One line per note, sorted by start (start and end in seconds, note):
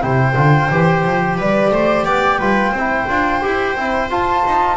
0.00 0.36 C3
0.00 0.34 E4
0.00 1.38 C5
0.00 1.38 G5
0.36 0.70 D3
0.36 0.70 F4
0.71 1.05 E3
0.71 2.40 G4
1.05 1.38 F3
1.38 1.71 G3
1.38 1.73 B4
1.38 2.05 D5
1.71 2.05 A3
1.71 2.06 C5
2.05 2.39 B3
2.05 2.38 D5
2.05 4.09 G5
2.38 2.71 G3
2.38 2.75 F4
2.38 2.72 B4
2.71 3.05 C4
2.71 4.77 C5
2.78 3.09 E4
3.09 3.43 D4
3.09 3.42 F4
3.42 3.76 E4
3.42 3.76 G4
3.76 4.10 C4
3.76 4.10 E4
4.10 4.77 F4
4.10 4.44 F4
4.10 4.77 A5
4.46 4.77 D#4